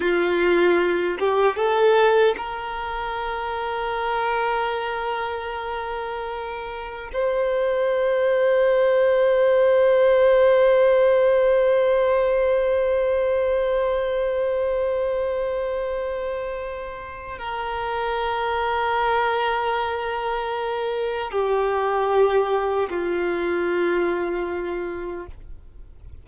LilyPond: \new Staff \with { instrumentName = "violin" } { \time 4/4 \tempo 4 = 76 f'4. g'8 a'4 ais'4~ | ais'1~ | ais'4 c''2.~ | c''1~ |
c''1~ | c''2 ais'2~ | ais'2. g'4~ | g'4 f'2. | }